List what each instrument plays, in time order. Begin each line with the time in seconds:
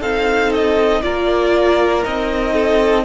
0.00 cello C4, viola D#4, violin A4 F5
0.53 violin D#5
1.02 cello A#3, viola F4, violin A#4 D5
2.03 cello C4, viola D#4, violin D#5
2.54 violin A4